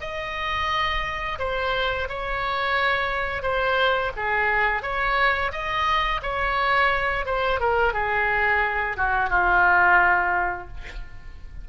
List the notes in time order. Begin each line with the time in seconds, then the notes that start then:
0.00 D#5
1.39 C5
2.08 C#5
3.42 C5
4.16 G#4
4.82 C#5
5.52 D#5
6.22 C#5
7.25 C5
7.60 A#4
7.93 G#4
8.97 F#4
9.29 F4